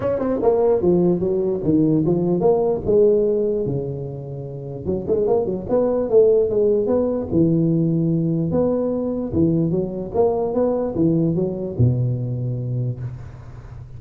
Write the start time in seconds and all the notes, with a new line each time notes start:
0.00 C#4
0.19 C4
0.42 A#3
0.81 F3
1.19 F#3
1.63 D#3
2.05 F3
2.40 A#3
2.85 G#3
3.66 C#3
4.85 F#3
5.07 G#3
5.27 A#3
5.45 F#3
5.69 B3
6.09 A3
6.49 G#3
6.86 B3
7.31 E3
8.51 B3
9.32 E3
9.70 F#3
10.14 A#3
10.54 B3
10.95 E3
11.35 F#3
11.78 B2